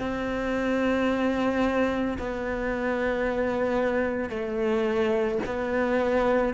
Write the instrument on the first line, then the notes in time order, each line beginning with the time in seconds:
cello
0.00 C4
2.19 B3
4.30 A3
5.46 B3